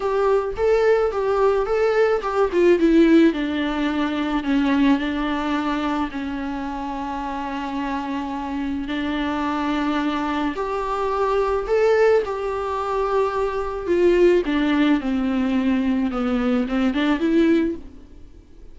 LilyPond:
\new Staff \with { instrumentName = "viola" } { \time 4/4 \tempo 4 = 108 g'4 a'4 g'4 a'4 | g'8 f'8 e'4 d'2 | cis'4 d'2 cis'4~ | cis'1 |
d'2. g'4~ | g'4 a'4 g'2~ | g'4 f'4 d'4 c'4~ | c'4 b4 c'8 d'8 e'4 | }